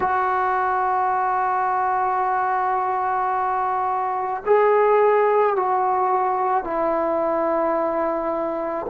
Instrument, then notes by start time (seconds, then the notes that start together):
trombone
0.00 F#4
4.45 G#4
5.56 F#4
6.64 E4